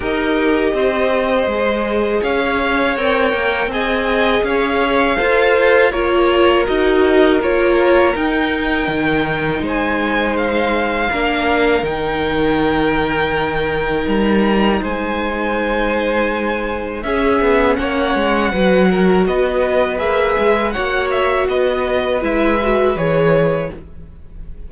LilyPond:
<<
  \new Staff \with { instrumentName = "violin" } { \time 4/4 \tempo 4 = 81 dis''2. f''4 | g''4 gis''4 f''2 | cis''4 dis''4 cis''4 g''4~ | g''4 gis''4 f''2 |
g''2. ais''4 | gis''2. e''4 | fis''2 dis''4 e''4 | fis''8 e''8 dis''4 e''4 cis''4 | }
  \new Staff \with { instrumentName = "violin" } { \time 4/4 ais'4 c''2 cis''4~ | cis''4 dis''4 cis''4 c''4 | ais'1~ | ais'4 c''2 ais'4~ |
ais'1 | c''2. gis'4 | cis''4 b'8 ais'8 b'2 | cis''4 b'2. | }
  \new Staff \with { instrumentName = "viola" } { \time 4/4 g'2 gis'2 | ais'4 gis'2 a'4 | f'4 fis'4 f'4 dis'4~ | dis'2. d'4 |
dis'1~ | dis'2. cis'4~ | cis'4 fis'2 gis'4 | fis'2 e'8 fis'8 gis'4 | }
  \new Staff \with { instrumentName = "cello" } { \time 4/4 dis'4 c'4 gis4 cis'4 | c'8 ais8 c'4 cis'4 f'4 | ais4 dis'4 ais4 dis'4 | dis4 gis2 ais4 |
dis2. g4 | gis2. cis'8 b8 | ais8 gis8 fis4 b4 ais8 gis8 | ais4 b4 gis4 e4 | }
>>